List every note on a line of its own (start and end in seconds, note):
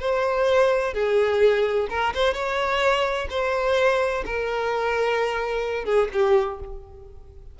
0.00 0.94 C5
0.94 1.87 G#4
1.90 2.13 A#4
2.15 2.34 C5
2.34 3.27 C#5
3.30 4.24 C5
4.25 5.85 A#4
5.85 6.08 G#4
6.13 6.60 G4